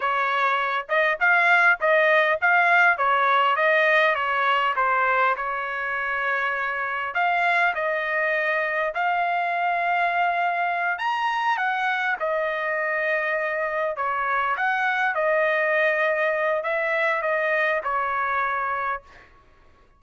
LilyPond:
\new Staff \with { instrumentName = "trumpet" } { \time 4/4 \tempo 4 = 101 cis''4. dis''8 f''4 dis''4 | f''4 cis''4 dis''4 cis''4 | c''4 cis''2. | f''4 dis''2 f''4~ |
f''2~ f''8 ais''4 fis''8~ | fis''8 dis''2. cis''8~ | cis''8 fis''4 dis''2~ dis''8 | e''4 dis''4 cis''2 | }